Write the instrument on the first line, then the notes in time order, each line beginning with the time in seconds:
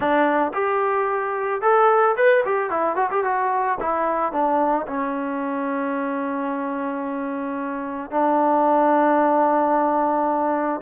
trombone
0.00 D4
0.53 G4
1.61 A4
2.16 B4
2.45 G4
2.70 E4
2.96 F#4
3.10 G4
3.24 F#4
3.80 E4
4.32 D4
4.87 C#4
8.10 D4